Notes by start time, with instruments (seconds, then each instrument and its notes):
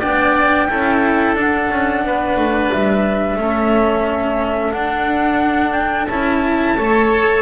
0.00 double bass B3, cello D4, oboe D5, flute G5
0.70 double bass C#4, cello E4, oboe A4
1.35 double bass D4, cello D4, flute F#5
1.71 double bass C#4
2.04 double bass B3, oboe B4
2.37 double bass A3
2.72 double bass G3, flute E5
3.36 double bass A3, cello C#4, oboe A4
4.72 cello D4, double bass D4, flute F#5
5.73 flute G5
6.05 double bass C#4, cello E4, flute A5
6.77 double bass A3, cello A4, oboe C#5